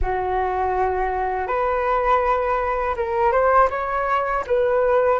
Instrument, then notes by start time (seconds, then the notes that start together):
flute
0.01 F#4
1.47 B4
2.96 A#4
3.31 C5
3.70 C#5
4.46 B4